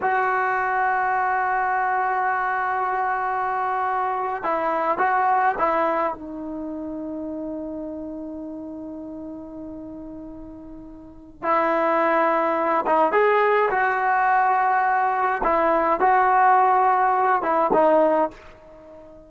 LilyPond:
\new Staff \with { instrumentName = "trombone" } { \time 4/4 \tempo 4 = 105 fis'1~ | fis'2.~ fis'8. e'16~ | e'8. fis'4 e'4 dis'4~ dis'16~ | dis'1~ |
dis'1 | e'2~ e'8 dis'8 gis'4 | fis'2. e'4 | fis'2~ fis'8 e'8 dis'4 | }